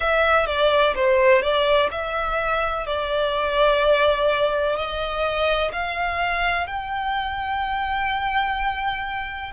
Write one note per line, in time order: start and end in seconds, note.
0.00 0.46 E5
0.46 0.94 D5
0.95 1.42 C5
1.42 1.89 D5
1.91 2.86 E5
2.86 4.76 D5
4.76 5.71 D#5
5.72 6.67 F5
6.67 9.52 G5